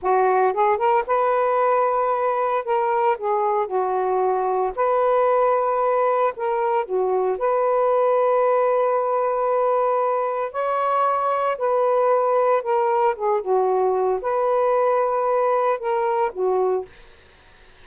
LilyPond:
\new Staff \with { instrumentName = "saxophone" } { \time 4/4 \tempo 4 = 114 fis'4 gis'8 ais'8 b'2~ | b'4 ais'4 gis'4 fis'4~ | fis'4 b'2. | ais'4 fis'4 b'2~ |
b'1 | cis''2 b'2 | ais'4 gis'8 fis'4. b'4~ | b'2 ais'4 fis'4 | }